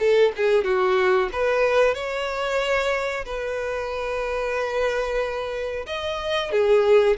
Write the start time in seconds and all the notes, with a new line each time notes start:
0.00 A4
0.37 G#4
0.64 F#4
1.33 B4
1.95 C#5
3.25 B4
5.87 D#5
6.52 G#4